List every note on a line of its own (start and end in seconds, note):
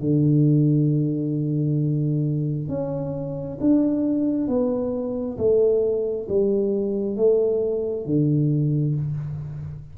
0.00 2.68 D3
2.68 3.58 C#4
3.60 4.47 D4
4.47 5.37 B3
5.38 6.27 A3
6.29 7.16 G3
7.16 8.06 A3
8.06 8.95 D3